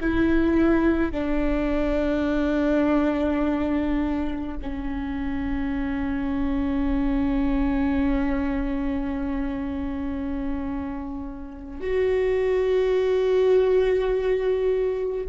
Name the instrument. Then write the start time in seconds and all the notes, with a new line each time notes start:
viola
0.00 E4
1.11 D4
4.62 C#4
11.80 F#4